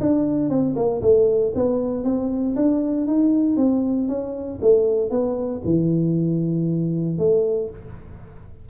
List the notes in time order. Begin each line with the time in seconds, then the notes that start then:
0.00 D4
0.49 C4
0.76 A#3
1.02 A3
1.55 B3
2.04 C4
2.55 D4
3.07 D#4
3.57 C4
4.08 C#4
4.61 A3
5.10 B3
5.65 E3
7.18 A3